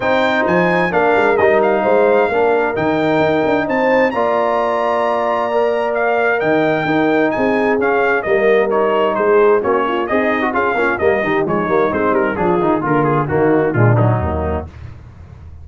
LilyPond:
<<
  \new Staff \with { instrumentName = "trumpet" } { \time 4/4 \tempo 4 = 131 g''4 gis''4 f''4 dis''8 f''8~ | f''2 g''2 | a''4 ais''2.~ | ais''4 f''4 g''2 |
gis''4 f''4 dis''4 cis''4 | c''4 cis''4 dis''4 f''4 | dis''4 cis''4 c''8 ais'8 gis'4 | ais'8 gis'8 fis'4 f'8 dis'4. | }
  \new Staff \with { instrumentName = "horn" } { \time 4/4 c''2 ais'2 | c''4 ais'2. | c''4 d''2.~ | d''2 dis''4 ais'4 |
gis'2 ais'2 | gis'4 fis'8 f'8 dis'4 gis'8 f'8 | ais'8 g'8 dis'2 f'4 | ais4 dis'4 d'4 ais4 | }
  \new Staff \with { instrumentName = "trombone" } { \time 4/4 dis'2 d'4 dis'4~ | dis'4 d'4 dis'2~ | dis'4 f'2. | ais'2. dis'4~ |
dis'4 cis'4 ais4 dis'4~ | dis'4 cis'4 gis'8. fis'16 f'8 cis'8 | ais8 dis'8 gis8 ais8 c'4 d'8 dis'8 | f'4 ais4 gis8 fis4. | }
  \new Staff \with { instrumentName = "tuba" } { \time 4/4 c'4 f4 ais8 gis8 g4 | gis4 ais4 dis4 dis'8 d'8 | c'4 ais2.~ | ais2 dis4 dis'4 |
c'4 cis'4 g2 | gis4 ais4 c'4 cis'8 ais8 | g8 dis8 f8 g8 gis8 g8 f8 dis8 | d4 dis4 ais,4 dis,4 | }
>>